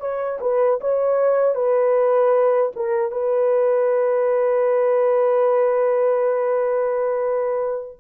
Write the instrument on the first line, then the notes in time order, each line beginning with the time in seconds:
horn
0.00 C#5
0.41 B4
0.80 C#5
1.55 B4
2.76 A#4
3.11 B4